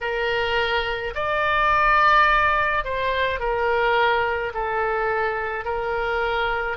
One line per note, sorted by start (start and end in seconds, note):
0.01 1.14 A#4
1.14 2.84 D5
2.84 3.40 C5
3.40 4.53 A#4
4.54 5.64 A4
5.64 6.77 A#4